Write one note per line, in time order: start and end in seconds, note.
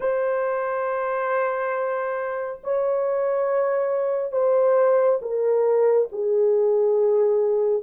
0.00 2.60 C5
2.63 4.32 C#5
4.32 5.19 C5
5.21 6.08 A#4
6.12 7.83 G#4